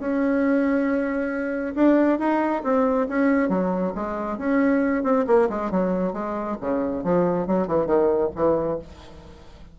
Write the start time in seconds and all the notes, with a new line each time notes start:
0.00 C#4
1.76 D4
2.19 D#4
2.64 C4
3.09 C#4
3.49 F#3
3.95 G#3
4.38 C#4
5.04 C4
5.27 A#3
5.50 G#3
5.72 F#3
6.14 G#3
6.61 C#3
7.04 F3
7.48 F#3
7.68 E3
7.87 D#3
8.36 E3